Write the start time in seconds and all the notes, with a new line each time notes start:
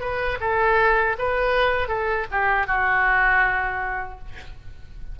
0.00 B4
0.40 A4
1.18 B4
1.88 A4
2.31 G4
2.67 F#4